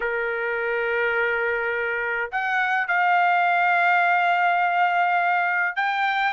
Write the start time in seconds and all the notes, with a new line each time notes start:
0.00 A#4
2.31 F#5
2.87 F5
5.75 G5